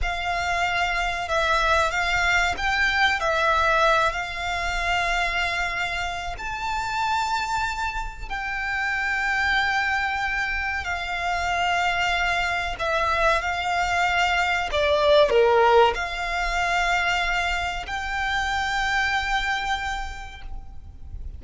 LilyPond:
\new Staff \with { instrumentName = "violin" } { \time 4/4 \tempo 4 = 94 f''2 e''4 f''4 | g''4 e''4. f''4.~ | f''2 a''2~ | a''4 g''2.~ |
g''4 f''2. | e''4 f''2 d''4 | ais'4 f''2. | g''1 | }